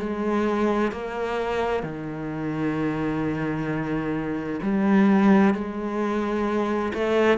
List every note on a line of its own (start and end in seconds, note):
0.00 0.92 G#3
0.92 1.83 A#3
1.83 4.60 D#3
4.62 5.54 G3
5.54 6.93 G#3
6.94 7.38 A3